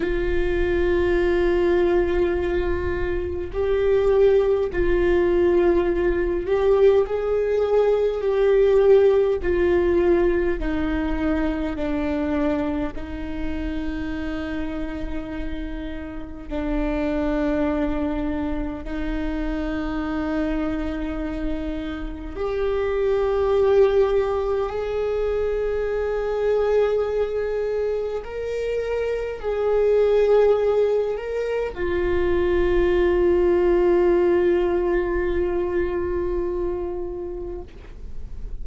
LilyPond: \new Staff \with { instrumentName = "viola" } { \time 4/4 \tempo 4 = 51 f'2. g'4 | f'4. g'8 gis'4 g'4 | f'4 dis'4 d'4 dis'4~ | dis'2 d'2 |
dis'2. g'4~ | g'4 gis'2. | ais'4 gis'4. ais'8 f'4~ | f'1 | }